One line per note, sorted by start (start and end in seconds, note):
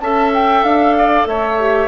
0.00 0.63 C#4
0.00 1.59 A4
0.00 0.97 E5
0.00 0.31 A5
0.34 0.64 G5
0.63 1.25 D4
0.63 1.26 F5
0.98 1.28 D5
1.26 1.88 A3
1.26 1.88 C#5
1.26 1.88 E5
1.59 1.88 G4